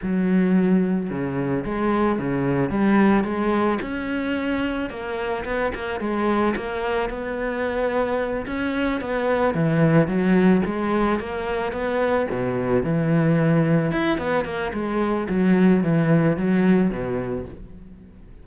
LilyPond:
\new Staff \with { instrumentName = "cello" } { \time 4/4 \tempo 4 = 110 fis2 cis4 gis4 | cis4 g4 gis4 cis'4~ | cis'4 ais4 b8 ais8 gis4 | ais4 b2~ b8 cis'8~ |
cis'8 b4 e4 fis4 gis8~ | gis8 ais4 b4 b,4 e8~ | e4. e'8 b8 ais8 gis4 | fis4 e4 fis4 b,4 | }